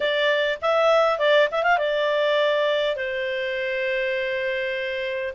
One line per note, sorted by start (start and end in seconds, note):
0.00 0.58 D5
0.61 1.18 E5
1.18 1.48 D5
1.51 1.63 E5
1.63 1.78 F5
1.78 2.96 D5
2.96 5.33 C5